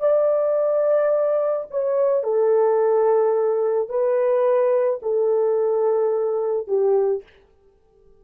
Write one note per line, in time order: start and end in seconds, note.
0.00 1.67 D5
1.70 2.23 C#5
2.23 3.89 A4
3.89 5.00 B4
5.02 6.67 A4
6.67 7.23 G4